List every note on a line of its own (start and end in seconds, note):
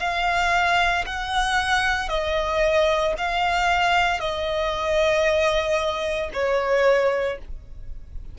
0.00 1.05 F5
1.07 2.09 F#5
2.09 3.14 D#5
3.18 4.21 F5
4.21 6.31 D#5
6.33 7.39 C#5